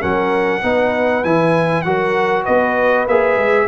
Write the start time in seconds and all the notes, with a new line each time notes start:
0.00 F#3 C#4 A#4 F#5
0.62 B3 D#4 B4
1.24 E3 E4 G#5
1.82 F#3 F#4 A#4 F#5
2.43 B3 B4 D#5
3.07 A#3 G#4 E5
3.36 G#3